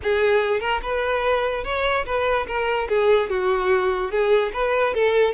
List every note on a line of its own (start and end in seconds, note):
0.02 0.60 G#4
0.60 0.80 A#4
0.82 1.64 B4
1.64 2.05 C#5
2.05 2.46 B4
2.47 2.88 A#4
2.88 3.29 G#4
3.29 4.11 F#4
4.11 4.52 G#4
4.53 4.94 B4
4.94 5.33 A4